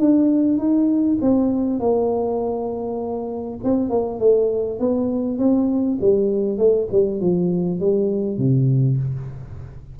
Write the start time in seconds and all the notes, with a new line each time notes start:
0.00 D4
0.59 D#4
1.22 C4
1.80 A#3
3.64 C4
3.90 A#3
4.19 A3
4.79 B3
5.39 C4
6.01 G3
6.58 A3
6.92 G3
7.21 F3
7.80 G3
8.38 C3